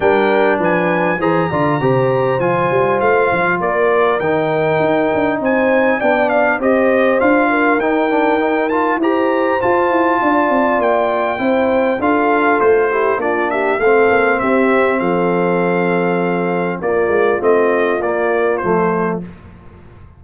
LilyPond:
<<
  \new Staff \with { instrumentName = "trumpet" } { \time 4/4 \tempo 4 = 100 g''4 gis''4 ais''2 | gis''4 f''4 d''4 g''4~ | g''4 gis''4 g''8 f''8 dis''4 | f''4 g''4. a''8 ais''4 |
a''2 g''2 | f''4 c''4 d''8 e''8 f''4 | e''4 f''2. | d''4 dis''4 d''4 c''4 | }
  \new Staff \with { instrumentName = "horn" } { \time 4/4 ais'4 b'4 c''8 d''8 c''4~ | c''2 ais'2~ | ais'4 c''4 d''4 c''4~ | c''8 ais'2~ ais'8 c''4~ |
c''4 d''2 c''4 | a'4. g'8 f'8 g'8 a'4 | g'4 a'2. | f'1 | }
  \new Staff \with { instrumentName = "trombone" } { \time 4/4 d'2 gis'8 f'8 g'4 | f'2. dis'4~ | dis'2 d'4 g'4 | f'4 dis'8 d'8 dis'8 f'8 g'4 |
f'2. e'4 | f'4. e'8 d'4 c'4~ | c'1 | ais4 c'4 ais4 a4 | }
  \new Staff \with { instrumentName = "tuba" } { \time 4/4 g4 f4 e8 d8 c4 | f8 g8 a8 f8 ais4 dis4 | dis'8 d'8 c'4 b4 c'4 | d'4 dis'2 e'4 |
f'8 e'8 d'8 c'8 ais4 c'4 | d'4 a4 ais4 a8 ais8 | c'4 f2. | ais8 gis8 a4 ais4 f4 | }
>>